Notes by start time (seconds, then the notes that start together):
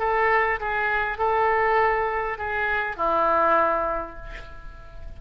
0.00 A4
0.61 G#4
1.19 A4
2.39 G#4
2.97 E4